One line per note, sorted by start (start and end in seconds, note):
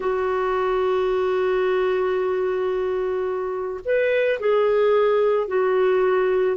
0.00 3.80 F#4
3.84 4.39 B4
4.39 5.47 G#4
5.47 6.57 F#4